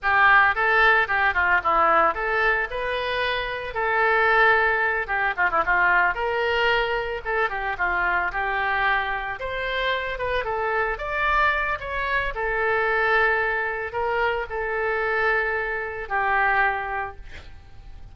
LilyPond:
\new Staff \with { instrumentName = "oboe" } { \time 4/4 \tempo 4 = 112 g'4 a'4 g'8 f'8 e'4 | a'4 b'2 a'4~ | a'4. g'8 f'16 e'16 f'4 ais'8~ | ais'4. a'8 g'8 f'4 g'8~ |
g'4. c''4. b'8 a'8~ | a'8 d''4. cis''4 a'4~ | a'2 ais'4 a'4~ | a'2 g'2 | }